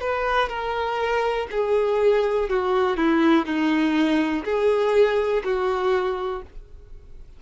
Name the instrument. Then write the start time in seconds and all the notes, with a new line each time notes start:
violin
0.00 B4
0.49 A#4
1.51 G#4
2.49 F#4
2.96 E4
3.46 D#4
4.44 G#4
5.44 F#4